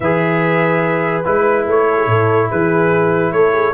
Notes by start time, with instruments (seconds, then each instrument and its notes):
0.00 tuba E3, trombone G#4, horn B4, trumpet E5
1.25 tuba G#3, trombone E4, trumpet B4
1.67 tuba A3, trumpet C#5
1.89 horn A4
1.98 horn G#4
2.06 tuba A2, horn A4
2.49 tuba E3, horn G#4, trumpet B4
3.32 tuba A3, horn A4, trumpet C#5
3.53 horn G#4